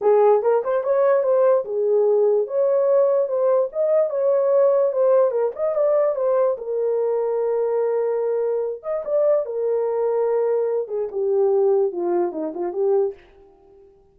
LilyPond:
\new Staff \with { instrumentName = "horn" } { \time 4/4 \tempo 4 = 146 gis'4 ais'8 c''8 cis''4 c''4 | gis'2 cis''2 | c''4 dis''4 cis''2 | c''4 ais'8 dis''8 d''4 c''4 |
ais'1~ | ais'4. dis''8 d''4 ais'4~ | ais'2~ ais'8 gis'8 g'4~ | g'4 f'4 dis'8 f'8 g'4 | }